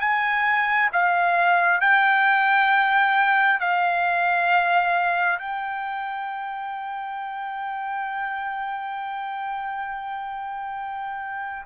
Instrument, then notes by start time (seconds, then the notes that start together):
trumpet
0.00 G#5
0.92 F5
1.80 G5
3.59 F5
5.38 G5